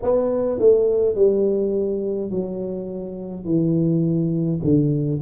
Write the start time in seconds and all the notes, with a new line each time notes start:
0.02 B3
0.59 A3
1.15 G3
2.30 F#3
3.44 E3
4.63 D3